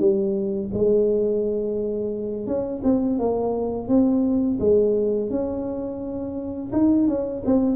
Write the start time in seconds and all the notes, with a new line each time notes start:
0.00 G3
0.74 G#3
2.47 C#4
2.84 C4
3.19 A#3
3.88 C4
4.60 G#3
5.30 C#4
6.73 D#4
7.08 C#4
7.46 C4